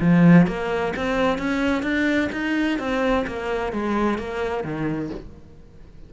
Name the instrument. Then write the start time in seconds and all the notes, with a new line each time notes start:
cello
0.00 F3
0.47 A#3
0.96 C4
1.38 C#4
1.82 D4
2.32 D#4
2.78 C4
3.27 A#3
3.72 G#3
4.18 A#3
4.63 D#3